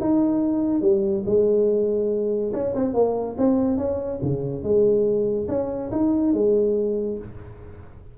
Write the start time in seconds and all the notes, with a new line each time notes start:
0.00 D#4
0.81 G3
1.26 G#3
2.53 C#4
2.75 C4
2.94 A#3
3.38 C4
3.77 C#4
4.22 C#3
4.63 G#3
5.48 C#4
5.91 D#4
6.33 G#3